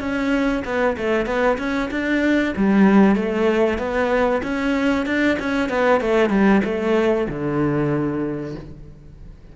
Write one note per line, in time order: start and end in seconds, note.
0.00 0.63 C#4
0.65 0.96 B3
0.97 1.26 A3
1.26 1.58 B3
1.58 1.90 C#4
1.91 2.54 D4
2.57 3.16 G3
3.16 3.78 A3
3.78 4.42 B3
4.43 5.06 C#4
5.06 5.38 D4
5.39 5.69 C#4
5.69 6.01 B3
6.01 6.30 A3
6.30 6.61 G3
6.64 7.27 A3
7.29 8.55 D3